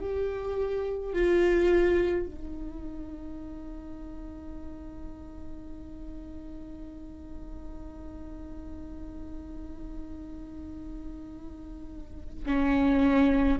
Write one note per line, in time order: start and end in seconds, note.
0.00 1.13 G4
1.13 2.26 F4
2.26 12.45 D#4
12.45 13.58 C#4